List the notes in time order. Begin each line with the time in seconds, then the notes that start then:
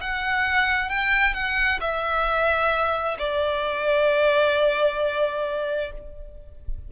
0.00 F#5
0.89 G5
1.33 F#5
1.80 E5
3.18 D5